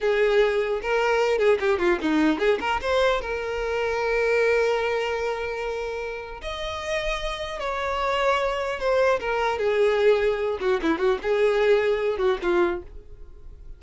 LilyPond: \new Staff \with { instrumentName = "violin" } { \time 4/4 \tempo 4 = 150 gis'2 ais'4. gis'8 | g'8 f'8 dis'4 gis'8 ais'8 c''4 | ais'1~ | ais'1 |
dis''2. cis''4~ | cis''2 c''4 ais'4 | gis'2~ gis'8 fis'8 e'8 fis'8 | gis'2~ gis'8 fis'8 f'4 | }